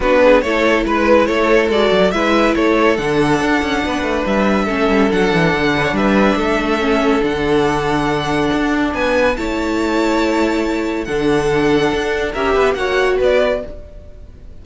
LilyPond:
<<
  \new Staff \with { instrumentName = "violin" } { \time 4/4 \tempo 4 = 141 b'4 cis''4 b'4 cis''4 | d''4 e''4 cis''4 fis''4~ | fis''2 e''2 | fis''2 e''2~ |
e''4 fis''2.~ | fis''4 gis''4 a''2~ | a''2 fis''2~ | fis''4 e''4 fis''4 d''4 | }
  \new Staff \with { instrumentName = "violin" } { \time 4/4 fis'8 gis'8 a'4 b'4 a'4~ | a'4 b'4 a'2~ | a'4 b'2 a'4~ | a'4. b'16 cis''16 b'4 a'4~ |
a'1~ | a'4 b'4 cis''2~ | cis''2 a'2~ | a'4 ais'8 b'8 cis''4 b'4 | }
  \new Staff \with { instrumentName = "viola" } { \time 4/4 d'4 e'2. | fis'4 e'2 d'4~ | d'2. cis'4 | d'1 |
cis'4 d'2.~ | d'2 e'2~ | e'2 d'2~ | d'4 g'4 fis'2 | }
  \new Staff \with { instrumentName = "cello" } { \time 4/4 b4 a4 gis4 a4 | gis8 fis8 gis4 a4 d4 | d'8 cis'8 b8 a8 g4 a8 g8 | fis8 e8 d4 g4 a4~ |
a4 d2. | d'4 b4 a2~ | a2 d2 | d'4 cis'8 b8 ais4 b4 | }
>>